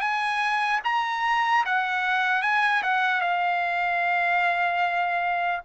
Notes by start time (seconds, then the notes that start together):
0.00 G#5
0.84 A#5
1.65 F#5
2.42 G#5
2.82 F#5
3.21 F5